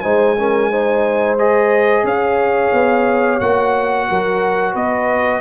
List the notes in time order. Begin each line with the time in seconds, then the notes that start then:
0.00 G#3 D#4 C5 G#5
0.39 C#4 A#4
0.71 D#4 C5
1.38 G#4 D#5
2.04 C#4 C#5 F5
2.73 B3
3.40 A#3 F#4 F#5
4.09 F#3 A#4
4.73 B3 B4 D#5